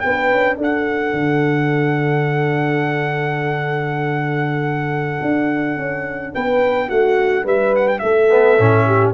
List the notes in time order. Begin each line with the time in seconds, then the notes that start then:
0.00 B3 D4 B4 G5
0.31 C#4
0.57 D4 A4 F#5
1.13 D3
5.21 D4
5.77 C#4
6.34 B3 B4 G5
6.88 A3 F#4 F#5
7.44 G3 B4 E5
7.75 F#5
7.88 G5
7.98 A3 A4 E5
8.30 B3
8.58 A2 C#4
8.86 G4